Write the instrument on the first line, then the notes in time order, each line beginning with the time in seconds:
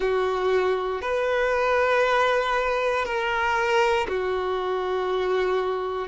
violin
0.00 F#4
1.01 B4
3.05 A#4
4.08 F#4